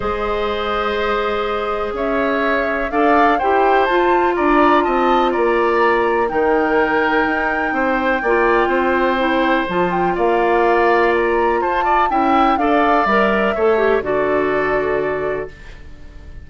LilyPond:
<<
  \new Staff \with { instrumentName = "flute" } { \time 4/4 \tempo 4 = 124 dis''1 | e''2 f''4 g''4 | a''4 ais''4 a''4 ais''4~ | ais''4 g''2.~ |
g''1 | a''8 g''8 f''2 ais''4 | a''4 g''4 f''4 e''4~ | e''4 d''2. | }
  \new Staff \with { instrumentName = "oboe" } { \time 4/4 c''1 | cis''2 d''4 c''4~ | c''4 d''4 dis''4 d''4~ | d''4 ais'2. |
c''4 d''4 c''2~ | c''4 d''2. | c''8 d''8 e''4 d''2 | cis''4 a'2. | }
  \new Staff \with { instrumentName = "clarinet" } { \time 4/4 gis'1~ | gis'2 a'4 g'4 | f'1~ | f'4 dis'2.~ |
dis'4 f'2 e'4 | f'1~ | f'4 e'4 a'4 ais'4 | a'8 g'8 fis'2. | }
  \new Staff \with { instrumentName = "bassoon" } { \time 4/4 gis1 | cis'2 d'4 e'4 | f'4 d'4 c'4 ais4~ | ais4 dis2 dis'4 |
c'4 ais4 c'2 | f4 ais2. | f'4 cis'4 d'4 g4 | a4 d2. | }
>>